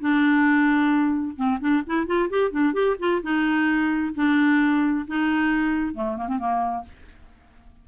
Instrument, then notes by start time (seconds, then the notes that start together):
clarinet
0.00 D4
1.36 C4
1.60 D4
1.86 E4
2.06 F4
2.29 G4
2.51 D4
2.73 G4
2.99 F4
3.22 D#4
4.14 D4
5.07 D#4
5.94 A3
6.17 A#3
6.28 C4
6.38 A#3